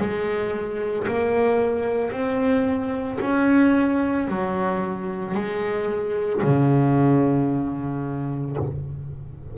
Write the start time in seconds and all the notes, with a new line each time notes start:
0.00 G#3
1.08 A#3
2.11 C4
3.21 C#4
4.28 F#3
5.35 G#3
6.43 C#3